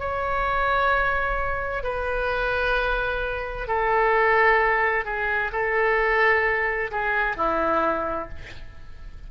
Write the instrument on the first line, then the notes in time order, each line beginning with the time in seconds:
oboe
0.00 C#5
1.84 B4
3.68 A4
5.05 G#4
5.53 A4
6.91 G#4
7.37 E4